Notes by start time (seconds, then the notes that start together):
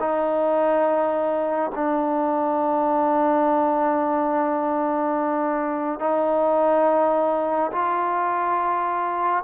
0.00 D#4
1.75 D4
6.00 D#4
7.72 F4